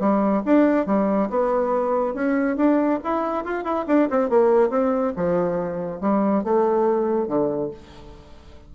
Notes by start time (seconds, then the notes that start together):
0.00 G3
0.46 D4
0.87 G3
1.30 B3
2.15 C#4
2.57 D4
3.04 E4
3.45 F4
3.64 E4
3.88 D4
4.10 C4
4.30 A#3
4.70 C4
5.17 F3
6.01 G3
6.44 A3
7.28 D3